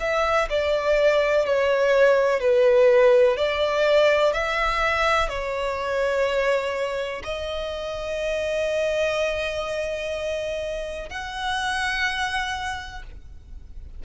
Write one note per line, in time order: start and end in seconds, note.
0.00 0.48 E5
0.50 1.46 D5
1.46 2.40 C#5
2.40 3.37 B4
3.37 4.33 D5
4.33 5.29 E5
5.29 7.22 C#5
7.24 11.09 D#5
11.09 13.03 F#5